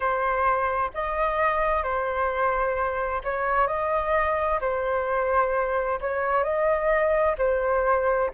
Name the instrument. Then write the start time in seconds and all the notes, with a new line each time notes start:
flute
0.00 C5
0.94 D#5
1.83 C5
3.23 C#5
3.67 D#5
4.61 C5
6.00 C#5
6.43 D#5
7.38 C5